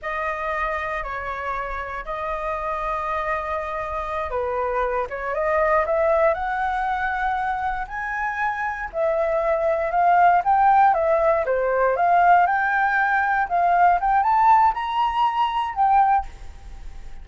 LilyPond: \new Staff \with { instrumentName = "flute" } { \time 4/4 \tempo 4 = 118 dis''2 cis''2 | dis''1~ | dis''8 b'4. cis''8 dis''4 e''8~ | e''8 fis''2. gis''8~ |
gis''4. e''2 f''8~ | f''8 g''4 e''4 c''4 f''8~ | f''8 g''2 f''4 g''8 | a''4 ais''2 g''4 | }